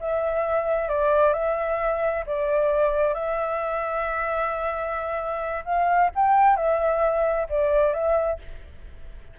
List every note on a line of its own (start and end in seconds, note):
0.00 0.89 E5
0.89 1.33 D5
1.33 2.24 E5
2.26 3.14 D5
3.14 5.64 E5
5.65 6.11 F5
6.15 6.56 G5
6.56 7.47 E5
7.49 7.94 D5
7.94 8.39 E5